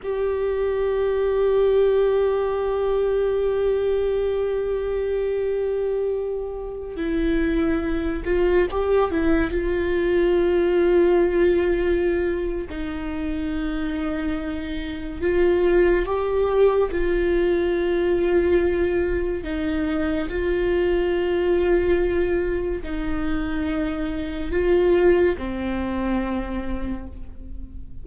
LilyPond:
\new Staff \with { instrumentName = "viola" } { \time 4/4 \tempo 4 = 71 g'1~ | g'1~ | g'16 e'4. f'8 g'8 e'8 f'8.~ | f'2. dis'4~ |
dis'2 f'4 g'4 | f'2. dis'4 | f'2. dis'4~ | dis'4 f'4 c'2 | }